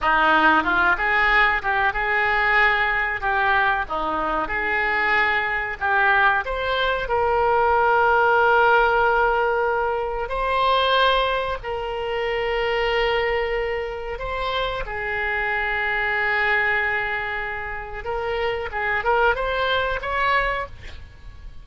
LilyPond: \new Staff \with { instrumentName = "oboe" } { \time 4/4 \tempo 4 = 93 dis'4 f'8 gis'4 g'8 gis'4~ | gis'4 g'4 dis'4 gis'4~ | gis'4 g'4 c''4 ais'4~ | ais'1 |
c''2 ais'2~ | ais'2 c''4 gis'4~ | gis'1 | ais'4 gis'8 ais'8 c''4 cis''4 | }